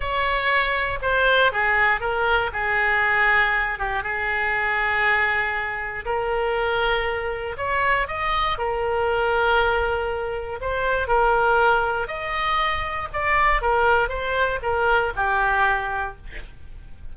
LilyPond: \new Staff \with { instrumentName = "oboe" } { \time 4/4 \tempo 4 = 119 cis''2 c''4 gis'4 | ais'4 gis'2~ gis'8 g'8 | gis'1 | ais'2. cis''4 |
dis''4 ais'2.~ | ais'4 c''4 ais'2 | dis''2 d''4 ais'4 | c''4 ais'4 g'2 | }